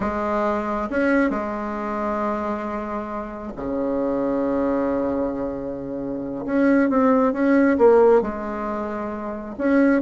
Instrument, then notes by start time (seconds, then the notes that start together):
bassoon
0.00 G#3
0.90 C#4
1.30 G#3
3.56 C#3
6.45 C#4
6.89 C4
7.32 C#4
7.78 A#3
8.21 G#3
9.57 C#4